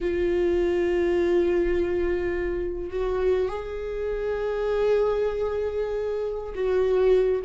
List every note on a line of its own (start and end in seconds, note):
0.00 2.90 F4
2.90 3.48 F#4
3.48 6.54 G#4
6.54 7.42 F#4